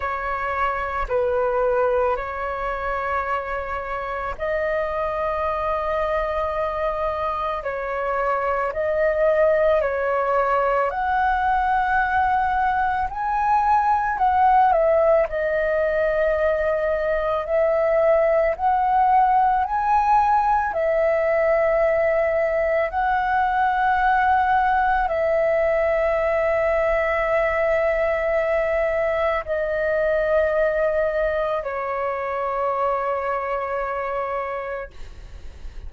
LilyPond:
\new Staff \with { instrumentName = "flute" } { \time 4/4 \tempo 4 = 55 cis''4 b'4 cis''2 | dis''2. cis''4 | dis''4 cis''4 fis''2 | gis''4 fis''8 e''8 dis''2 |
e''4 fis''4 gis''4 e''4~ | e''4 fis''2 e''4~ | e''2. dis''4~ | dis''4 cis''2. | }